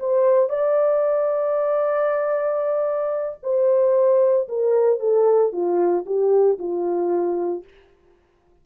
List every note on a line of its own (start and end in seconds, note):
0.00 0.50 C5
0.50 3.39 D5
3.43 4.48 C5
4.49 5.00 A#4
5.00 5.53 A4
5.53 6.05 F4
6.06 6.59 G4
6.59 7.64 F4